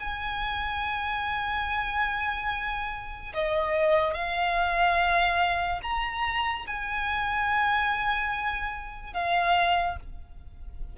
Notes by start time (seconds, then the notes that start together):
0.00 G#5
3.34 D#5
4.14 F5
5.83 A#5
6.67 G#5
9.14 F5